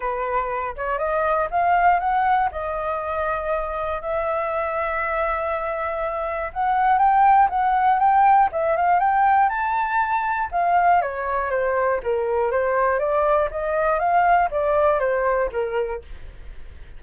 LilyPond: \new Staff \with { instrumentName = "flute" } { \time 4/4 \tempo 4 = 120 b'4. cis''8 dis''4 f''4 | fis''4 dis''2. | e''1~ | e''4 fis''4 g''4 fis''4 |
g''4 e''8 f''8 g''4 a''4~ | a''4 f''4 cis''4 c''4 | ais'4 c''4 d''4 dis''4 | f''4 d''4 c''4 ais'4 | }